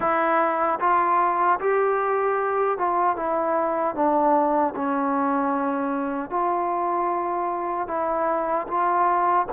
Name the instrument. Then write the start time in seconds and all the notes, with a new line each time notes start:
trombone
0.00 E4
0.80 F4
1.60 G4
2.77 F4
3.16 E4
3.95 D4
4.75 C#4
6.30 F4
7.87 E4
8.67 F4